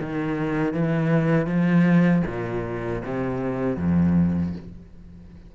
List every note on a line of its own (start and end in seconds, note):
0.00 0.74 D#3
0.74 1.47 E3
1.47 2.23 F3
2.27 3.03 A#2
3.04 3.77 C3
3.77 4.53 F2